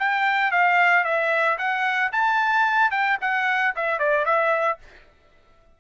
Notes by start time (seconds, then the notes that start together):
0.00 G5
0.52 F5
1.05 E5
1.59 F#5
2.13 A5
2.91 G5
3.21 F#5
3.76 E5
4.00 D5
4.26 E5